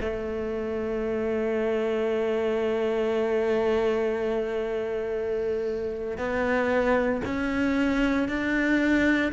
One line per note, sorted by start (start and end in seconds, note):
0.00 6.18 A3
6.18 7.21 B3
7.25 8.28 C#4
8.29 9.32 D4